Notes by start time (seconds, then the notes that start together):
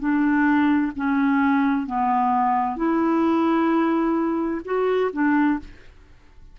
0.00 D4
0.97 C#4
1.87 B3
2.77 E4
4.65 F#4
5.14 D4